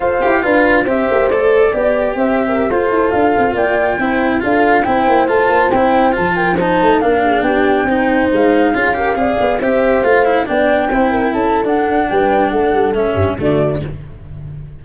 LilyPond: <<
  \new Staff \with { instrumentName = "flute" } { \time 4/4 \tempo 4 = 139 f''2 e''4 d''4~ | d''4 e''4~ e''16 c''4 f''8.~ | f''16 g''2 f''4 g''8.~ | g''16 a''4 g''4 a''8 g''8 a''8.~ |
a''16 f''4 g''2 f''8.~ | f''2~ f''16 e''4 f''8.~ | f''16 g''2 a''8. fis''4 | g''4 fis''4 e''4 d''4 | }
  \new Staff \with { instrumentName = "horn" } { \time 4/4 c''4 b'4 c''2 | d''4 c''8. ais'8 a'4.~ a'16~ | a'16 d''4 c''4 a'4 c''8.~ | c''2~ c''8. ais'8 c''8.~ |
c''16 ais'8 gis'8 g'4 c''4.~ c''16~ | c''16 gis'8 ais'8 d''4 c''4.~ c''16~ | c''16 d''4 c''8 ais'8 a'4.~ a'16 | b'4 a'4. g'8 fis'4 | }
  \new Staff \with { instrumentName = "cello" } { \time 4/4 a'8 g'8 f'4 g'4 a'4 | g'2~ g'16 f'4.~ f'16~ | f'4~ f'16 e'4 f'4 e'8.~ | e'16 f'4 e'4 f'4 dis'8.~ |
dis'16 d'2 dis'4.~ dis'16~ | dis'16 f'8 g'8 gis'4 g'4 f'8 e'16~ | e'16 d'4 e'4.~ e'16 d'4~ | d'2 cis'4 a4 | }
  \new Staff \with { instrumentName = "tuba" } { \time 4/4 f'8 e'8 d'4 c'8 ais8 a4 | b4 c'4~ c'16 f'8 e'8 d'8 c'16~ | c'16 ais4 c'4 d'4 c'8 ais16~ | ais16 a8 ais8 c'4 f4. a16~ |
a16 ais4 b4 c'4 gis8.~ | gis16 cis'4 c'8 b8 c'4 a8.~ | a16 b4 c'4 cis'8. d'4 | g4 a8 g8 a8 g,8 d4 | }
>>